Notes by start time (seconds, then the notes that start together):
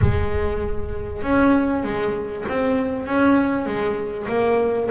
0.01 G#3
1.22 C#4
1.83 G#3
2.48 C4
3.06 C#4
3.66 G#3
4.28 A#3